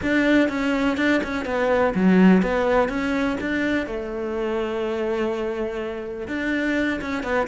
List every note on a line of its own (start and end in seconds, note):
0.02 0.48 D4
0.48 0.97 C#4
0.97 1.21 D4
1.23 1.45 C#4
1.45 1.93 B3
1.94 2.42 F#3
2.42 2.88 B3
2.88 3.37 C#4
3.40 3.86 D4
3.86 6.27 A3
6.27 7.00 D4
7.01 7.23 C#4
7.23 7.47 B3